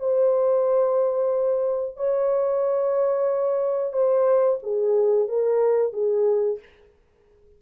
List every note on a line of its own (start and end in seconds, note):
0.00 1.97 C5
1.97 3.93 C#5
3.93 4.59 C5
4.63 5.29 G#4
5.29 5.93 A#4
5.93 6.59 G#4